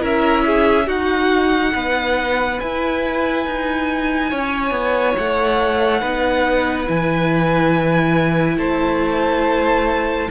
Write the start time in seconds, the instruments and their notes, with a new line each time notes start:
0.00 cello C#4, viola E4, violin A#4 E5
0.46 violin G#4
0.87 cello D#4, viola D#4, violin F#4 F#5
1.75 cello B3, violin B4
2.60 viola E4, cello E4, violin G#5
3.47 cello D#4
4.31 cello C#4, violin C#5
4.71 cello B3
5.18 cello A3, violin F#5
6.01 cello B3, viola D#4, violin B4
6.87 cello E3, viola E4, violin G#5
8.57 cello A3, violin C5 A5